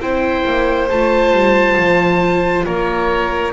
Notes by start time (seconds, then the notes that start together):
0.00 C4 E4 C5 G5
0.45 A#3
0.89 A3 F4 A5
1.31 G3
1.76 F3
2.65 A#3 A#4 C#5